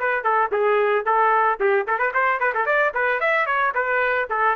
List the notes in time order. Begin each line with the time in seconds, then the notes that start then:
0.00 B4
0.24 A4
0.52 G#4
1.06 A4
1.60 G4
1.87 A4
1.99 B4
2.14 C5
2.40 B4
2.54 A4
2.66 D5
2.95 B4
3.20 E5
3.46 C#5
3.75 B4
4.30 A4